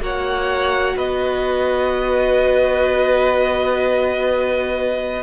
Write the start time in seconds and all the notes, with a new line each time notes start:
0.00 A#3 F#4 C#5 F#5
0.96 B3 B4 D#5